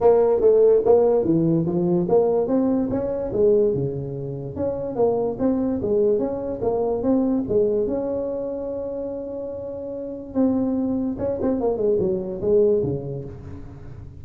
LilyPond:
\new Staff \with { instrumentName = "tuba" } { \time 4/4 \tempo 4 = 145 ais4 a4 ais4 e4 | f4 ais4 c'4 cis'4 | gis4 cis2 cis'4 | ais4 c'4 gis4 cis'4 |
ais4 c'4 gis4 cis'4~ | cis'1~ | cis'4 c'2 cis'8 c'8 | ais8 gis8 fis4 gis4 cis4 | }